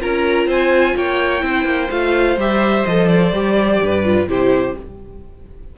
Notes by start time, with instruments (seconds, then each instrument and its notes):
0.00 cello C#4, viola F4, violin A#4 A#5
0.46 cello C4, violin C5 G#5
0.96 cello A#3, violin C#5 G5
1.40 cello C4, viola E4, violin C5
1.65 cello A#3
1.90 cello A3, viola F4, violin F5
2.37 cello G3, viola G4, violin E5
2.86 cello F3, viola A4, violin D#5
3.08 violin D5
3.32 cello G3, viola G4
3.82 cello G2, violin B4
4.04 viola F4
4.28 cello C3, viola E4, violin G4 C5